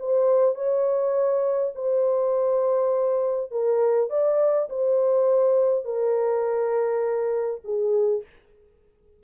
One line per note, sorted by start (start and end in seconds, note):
0.00 0.56 C5
0.56 1.73 C#5
1.75 3.52 C5
3.52 4.10 A#4
4.10 4.69 D5
4.70 5.85 C5
5.85 7.61 A#4
7.64 8.23 G#4